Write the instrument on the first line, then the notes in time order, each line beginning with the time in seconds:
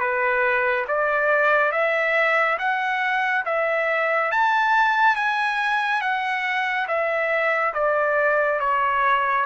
trumpet
0.00 B4
0.88 D5
1.73 E5
2.59 F#5
3.46 E5
4.32 A5
5.16 G#5
6.02 F#5
6.88 E5
7.75 D5
8.60 C#5